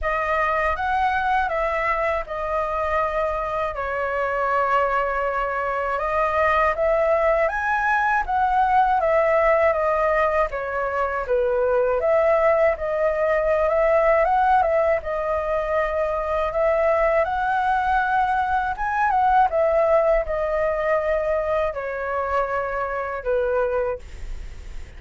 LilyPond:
\new Staff \with { instrumentName = "flute" } { \time 4/4 \tempo 4 = 80 dis''4 fis''4 e''4 dis''4~ | dis''4 cis''2. | dis''4 e''4 gis''4 fis''4 | e''4 dis''4 cis''4 b'4 |
e''4 dis''4~ dis''16 e''8. fis''8 e''8 | dis''2 e''4 fis''4~ | fis''4 gis''8 fis''8 e''4 dis''4~ | dis''4 cis''2 b'4 | }